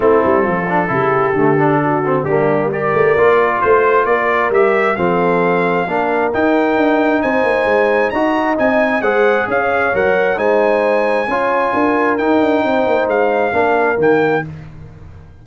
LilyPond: <<
  \new Staff \with { instrumentName = "trumpet" } { \time 4/4 \tempo 4 = 133 a'1~ | a'4 g'4 d''2 | c''4 d''4 e''4 f''4~ | f''2 g''2 |
gis''2 ais''4 gis''4 | fis''4 f''4 fis''4 gis''4~ | gis''2. g''4~ | g''4 f''2 g''4 | }
  \new Staff \with { instrumentName = "horn" } { \time 4/4 e'4 f'4 g'2 | fis'4 d'4 ais'2 | c''4 ais'2 a'4~ | a'4 ais'2. |
c''2 dis''2 | c''4 cis''2 c''4~ | c''4 cis''4 ais'2 | c''2 ais'2 | }
  \new Staff \with { instrumentName = "trombone" } { \time 4/4 c'4. d'8 e'4 a8 d'8~ | d'8 c'8 ais4 g'4 f'4~ | f'2 g'4 c'4~ | c'4 d'4 dis'2~ |
dis'2 fis'4 dis'4 | gis'2 ais'4 dis'4~ | dis'4 f'2 dis'4~ | dis'2 d'4 ais4 | }
  \new Staff \with { instrumentName = "tuba" } { \time 4/4 a8 g8 f4 cis4 d4~ | d4 g4. a8 ais4 | a4 ais4 g4 f4~ | f4 ais4 dis'4 d'4 |
c'8 ais8 gis4 dis'4 c'4 | gis4 cis'4 fis4 gis4~ | gis4 cis'4 d'4 dis'8 d'8 | c'8 ais8 gis4 ais4 dis4 | }
>>